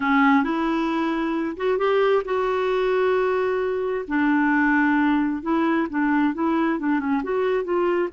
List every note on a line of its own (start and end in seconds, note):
0.00 0.43 C#4
0.43 1.56 E4
1.57 1.77 F#4
1.77 2.22 G4
2.25 4.05 F#4
4.07 5.42 D4
5.42 5.87 E4
5.89 6.34 D4
6.34 6.79 E4
6.79 6.99 D4
6.99 7.22 C#4
7.23 7.63 F#4
7.63 8.09 F4